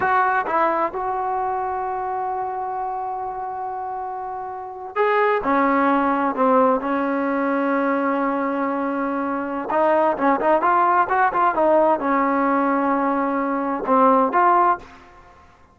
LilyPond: \new Staff \with { instrumentName = "trombone" } { \time 4/4 \tempo 4 = 130 fis'4 e'4 fis'2~ | fis'1~ | fis'2~ fis'8. gis'4 cis'16~ | cis'4.~ cis'16 c'4 cis'4~ cis'16~ |
cis'1~ | cis'4 dis'4 cis'8 dis'8 f'4 | fis'8 f'8 dis'4 cis'2~ | cis'2 c'4 f'4 | }